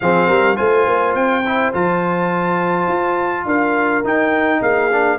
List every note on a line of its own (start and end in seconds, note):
0.00 0.28 F3
0.00 0.56 C4
0.00 0.27 G#4
0.00 0.56 F5
0.27 0.57 G3
0.27 0.56 A#4
0.56 0.86 A3
0.56 1.42 F4
0.56 3.45 C5
0.56 1.14 G#5
0.86 1.14 A#3
1.14 1.72 C4
1.14 1.72 G5
1.46 1.73 E4
1.73 2.87 F3
1.73 4.04 F4
1.73 3.47 A5
2.87 3.45 F4
3.45 4.02 D4
3.45 4.60 A#4
3.45 4.05 F5
4.03 4.61 D#4
4.03 4.90 D#4
4.03 4.62 G5
4.60 5.18 A#3
4.60 5.18 G#4
4.60 5.18 F5
4.91 5.18 D4